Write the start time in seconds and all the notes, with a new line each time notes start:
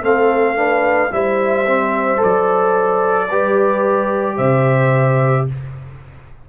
0.00 A3 C4 A4 F5
0.55 D4 B4
1.10 G3 E4 C5 E5
1.66 C4
2.17 A4 D5
2.23 F#3
3.29 G3 G4 B4
4.36 C3 C5 E5